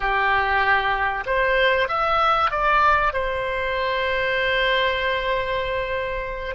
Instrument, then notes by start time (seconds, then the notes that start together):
oboe
0.00 G4
1.26 C5
1.88 E5
2.51 D5
3.12 C5